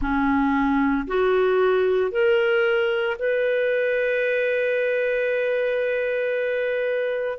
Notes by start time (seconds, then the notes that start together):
0.01 C#4
1.07 F#4
2.11 A#4
3.18 B4